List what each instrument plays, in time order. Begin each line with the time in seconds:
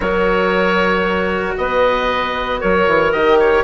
0.00 bassoon F#3, cello F#4, clarinet A#4, oboe C#5
1.57 bassoon B3, clarinet B4, oboe D#5
2.60 bassoon F#3, clarinet A#4, oboe C#5
2.87 bassoon E3
3.12 bassoon D#3, cello G4, oboe D#5
3.39 oboe C#5